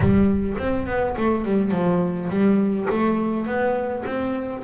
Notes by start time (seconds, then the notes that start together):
0.00 G3
0.57 C4
0.86 B3
1.16 A3
1.44 G3
1.71 F3
2.29 G3
2.89 A3
3.46 B3
4.05 C4